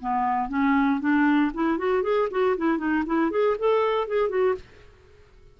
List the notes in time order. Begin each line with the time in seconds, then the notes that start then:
0.00 B3
0.48 C#4
1.00 D4
1.54 E4
1.78 F#4
2.03 G#4
2.30 F#4
2.57 E4
2.78 D#4
3.06 E4
3.30 G#4
3.58 A4
4.07 G#4
4.29 F#4